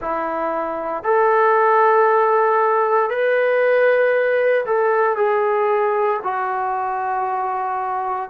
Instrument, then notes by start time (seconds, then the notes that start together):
trombone
0.01 E4
1.03 A4
3.10 B4
4.65 A4
5.16 G#4
6.23 F#4